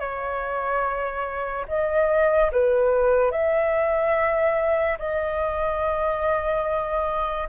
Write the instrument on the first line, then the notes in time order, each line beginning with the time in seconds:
flute
0.00 C#5
1.68 D#5
2.53 B4
3.32 E5
4.99 D#5